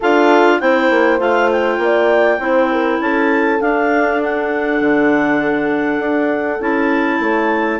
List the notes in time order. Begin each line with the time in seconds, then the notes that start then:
0.00 D4 F4 A4 F5
0.60 C4 E4 C5 G5
0.90 A#3
1.18 A3 F4 F5
1.51 G5
1.78 A#3 D5
2.39 C4 E4 C5
2.71 A#4
3.00 C#4 A4 A5
3.60 D4 F5
4.22 F#5
4.80 D3
5.98 D4
6.60 C#4 E4 A5
7.19 A3 C#5